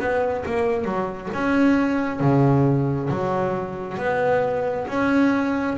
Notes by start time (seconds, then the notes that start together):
0.00 B3
0.46 A#3
0.85 F#3
1.34 C#4
2.20 C#3
3.10 F#3
3.98 B3
4.88 C#4